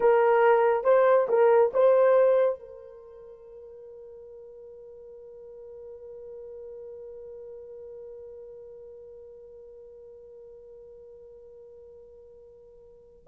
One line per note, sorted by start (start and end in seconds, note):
0.00 0.84 A#4
0.84 1.27 C5
1.29 1.71 A#4
1.73 2.59 C5
2.59 13.27 A#4